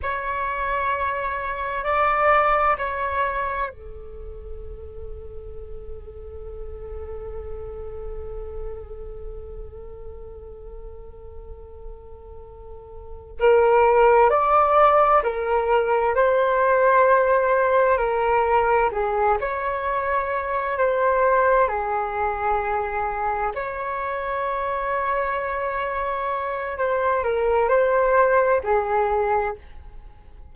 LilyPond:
\new Staff \with { instrumentName = "flute" } { \time 4/4 \tempo 4 = 65 cis''2 d''4 cis''4 | a'1~ | a'1~ | a'2~ a'8 ais'4 d''8~ |
d''8 ais'4 c''2 ais'8~ | ais'8 gis'8 cis''4. c''4 gis'8~ | gis'4. cis''2~ cis''8~ | cis''4 c''8 ais'8 c''4 gis'4 | }